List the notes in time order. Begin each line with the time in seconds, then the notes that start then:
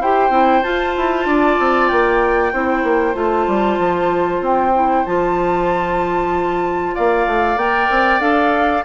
0.00 E4 G4 C5 G5
0.30 C4 E4
0.64 F4 A5
0.97 E4
1.26 D4 D5
1.60 C4
1.89 A#3 G5
2.53 C4 E4 C5
2.84 A#3
3.14 A3 F4 A5
3.48 G3
3.79 F3
4.41 C4 G5
4.75 E4
5.06 F3 F4 A5
6.95 A#3 D5 F5
7.27 A3
7.57 A#3 A#4 G5
7.91 C4
8.20 D4 A4 F5